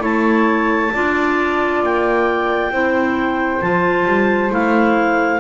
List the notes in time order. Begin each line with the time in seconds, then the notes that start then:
0.00 A3 E4 C#5 A5
0.93 D4 F4 D5
1.83 A#3 G5
2.71 C4 E4 C5
3.61 F3 F4 A5
4.05 G3
4.49 A3 E4 F5